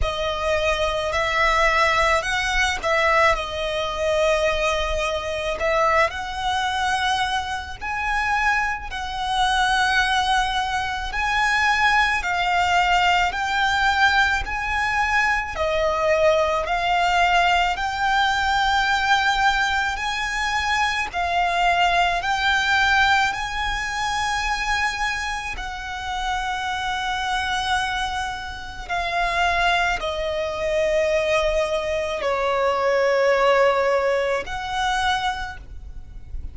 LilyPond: \new Staff \with { instrumentName = "violin" } { \time 4/4 \tempo 4 = 54 dis''4 e''4 fis''8 e''8 dis''4~ | dis''4 e''8 fis''4. gis''4 | fis''2 gis''4 f''4 | g''4 gis''4 dis''4 f''4 |
g''2 gis''4 f''4 | g''4 gis''2 fis''4~ | fis''2 f''4 dis''4~ | dis''4 cis''2 fis''4 | }